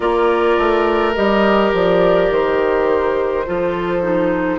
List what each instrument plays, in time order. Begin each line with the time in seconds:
0.00 bassoon A#3, clarinet F4, oboe A#4, flute D5
0.57 bassoon A3
1.14 bassoon G3, clarinet G4, flute D#5
1.73 bassoon F3, flute D5
2.30 bassoon D#3, flute C5
3.46 bassoon F3, clarinet F4, oboe A4
4.02 clarinet D#4